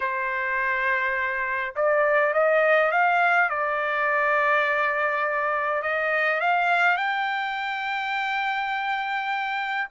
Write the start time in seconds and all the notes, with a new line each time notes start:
0.00 C5
1.75 D5
2.33 D#5
2.91 F5
3.49 D5
5.82 D#5
6.40 F5
6.96 G5